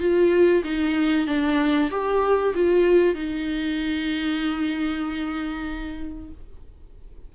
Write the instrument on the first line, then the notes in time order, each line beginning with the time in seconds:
viola
0.00 F4
0.64 D#4
1.27 D4
1.91 G4
2.55 F4
3.15 D#4